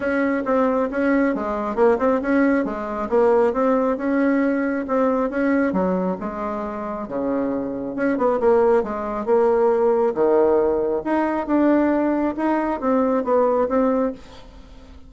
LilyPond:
\new Staff \with { instrumentName = "bassoon" } { \time 4/4 \tempo 4 = 136 cis'4 c'4 cis'4 gis4 | ais8 c'8 cis'4 gis4 ais4 | c'4 cis'2 c'4 | cis'4 fis4 gis2 |
cis2 cis'8 b8 ais4 | gis4 ais2 dis4~ | dis4 dis'4 d'2 | dis'4 c'4 b4 c'4 | }